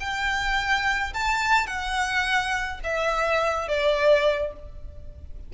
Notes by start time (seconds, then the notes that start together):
0.00 G5
1.14 A5
1.67 F#5
2.84 E5
3.68 D5